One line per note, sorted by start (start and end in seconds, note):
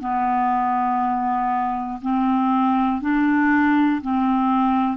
0.00 2.00 B3
2.01 3.00 C4
3.00 4.00 D4
4.01 4.97 C4